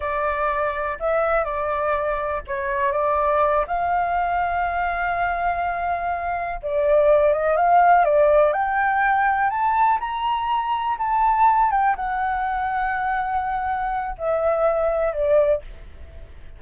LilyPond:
\new Staff \with { instrumentName = "flute" } { \time 4/4 \tempo 4 = 123 d''2 e''4 d''4~ | d''4 cis''4 d''4. f''8~ | f''1~ | f''4. d''4. dis''8 f''8~ |
f''8 d''4 g''2 a''8~ | a''8 ais''2 a''4. | g''8 fis''2.~ fis''8~ | fis''4 e''2 d''4 | }